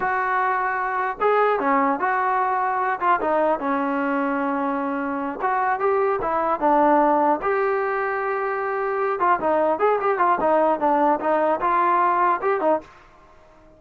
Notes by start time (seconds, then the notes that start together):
0.00 F#4
1.20 G#4
1.59 C#4
1.99 F#4
2.99 F4
3.20 D#4
3.59 C#4
5.41 F#4
5.79 G4
6.21 E4
6.60 D4
7.42 G4
9.19 F4
9.40 D#4
9.79 G#4
10.00 G4
10.18 F4
10.40 D#4
10.79 D4
11.20 D#4
11.60 F4
12.41 G4
12.61 D#4